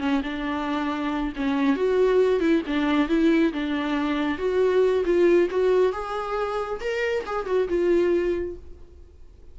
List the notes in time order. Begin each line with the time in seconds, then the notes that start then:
0.00 C#4
0.24 D4
1.36 C#4
1.76 F#4
2.40 E4
2.67 D4
3.09 E4
3.53 D4
4.38 F#4
5.05 F4
5.51 F#4
5.93 G#4
6.81 A#4
7.26 G#4
7.47 F#4
7.69 F4